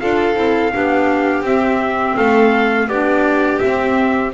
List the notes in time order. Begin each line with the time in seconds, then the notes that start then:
0.00 D4 F4 A4 F5
0.34 C4 E4
0.72 B3 D4 G4
1.42 C4 E5
2.17 A3 A4 F5
2.88 B3 D4 G4 D5
3.59 C4 E5